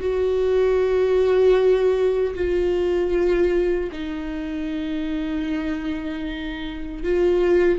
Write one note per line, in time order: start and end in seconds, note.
0.00 2.34 F#4
2.34 3.90 F4
3.92 7.03 D#4
7.03 7.79 F4